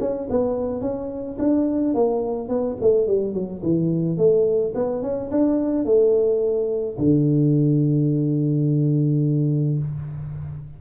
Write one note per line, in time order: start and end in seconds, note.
0.00 0.28 C#4
0.30 0.81 B3
0.81 1.38 C#4
1.39 1.94 D4
1.94 2.49 A#3
2.49 2.77 B3
2.81 3.07 A3
3.07 3.34 G3
3.34 3.62 F#3
3.63 4.18 E3
4.18 4.74 A3
4.75 5.02 B3
5.02 5.30 C#4
5.31 5.85 D4
5.85 6.97 A3
6.98 9.79 D3